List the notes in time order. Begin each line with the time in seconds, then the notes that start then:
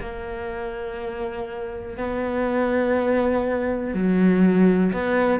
0.00 A#3
1.97 B3
3.93 F#3
4.92 B3